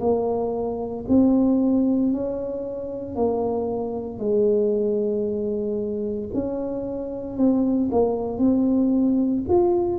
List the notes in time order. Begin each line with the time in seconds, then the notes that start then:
0.00 A#3
1.09 C4
2.13 C#4
3.16 A#3
4.19 G#3
6.34 C#4
7.37 C4
7.92 A#3
8.38 C4
9.49 F4